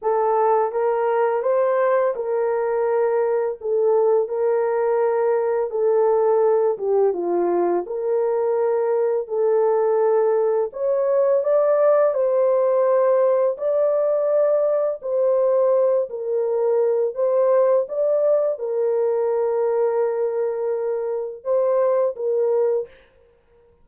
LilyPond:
\new Staff \with { instrumentName = "horn" } { \time 4/4 \tempo 4 = 84 a'4 ais'4 c''4 ais'4~ | ais'4 a'4 ais'2 | a'4. g'8 f'4 ais'4~ | ais'4 a'2 cis''4 |
d''4 c''2 d''4~ | d''4 c''4. ais'4. | c''4 d''4 ais'2~ | ais'2 c''4 ais'4 | }